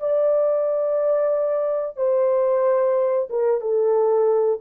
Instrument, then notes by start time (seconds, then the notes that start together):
horn
0.00 D5
1.97 C5
3.30 A#4
3.61 A4